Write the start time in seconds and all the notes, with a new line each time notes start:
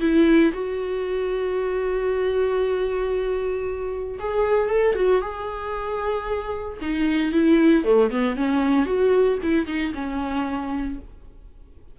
0.00 E4
0.53 F#4
4.19 G#4
4.70 A4
4.95 F#4
5.21 G#4
6.81 D#4
7.32 E4
7.84 A3
8.10 B3
8.36 C#4
8.86 F#4
9.42 E4
9.67 D#4
9.94 C#4